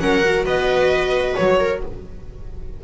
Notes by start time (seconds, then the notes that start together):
0.00 F#3 C#4 A#4 F#5
0.25 F#4
0.44 B3 B4 D#5
1.36 F#3 C#5
1.59 A#4